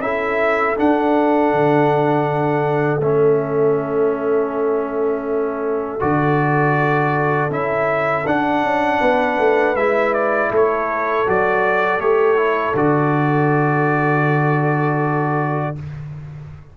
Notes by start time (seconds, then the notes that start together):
0.00 C#4 E4 A4 E5
0.77 D4 F#5
1.53 D3
3.00 A3 C#4 E5
6.00 D3 F#4 D5
7.50 C#4 E4 E5
8.26 D4 F#5
8.63 C#4
9.00 B3 B4
9.38 A3
9.76 G#3 E4 E5
10.14 D5
10.51 A3 A4 C#5
11.27 F#3 F#4 D5
11.98 A3 G4 C#5
12.36 E4
12.75 D3 F#4 D5